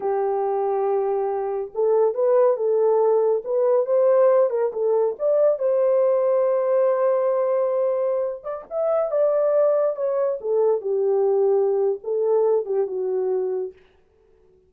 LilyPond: \new Staff \with { instrumentName = "horn" } { \time 4/4 \tempo 4 = 140 g'1 | a'4 b'4 a'2 | b'4 c''4. ais'8 a'4 | d''4 c''2.~ |
c''2.~ c''8. d''16~ | d''16 e''4 d''2 cis''8.~ | cis''16 a'4 g'2~ g'8. | a'4. g'8 fis'2 | }